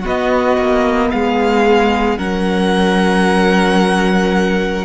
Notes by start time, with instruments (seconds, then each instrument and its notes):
0.00 viola B3, violin F#4
0.07 cello B3, violin D#5
0.57 cello A#3
1.11 cello G#3, violin G#4 F5
2.18 cello F#3, viola C#4, violin A#4 F#5